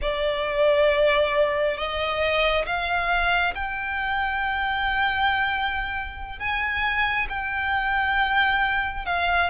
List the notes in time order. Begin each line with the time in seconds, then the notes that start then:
0.01 D5
1.76 D#5
2.66 F5
3.55 G5
6.39 G#5
7.29 G5
9.05 F5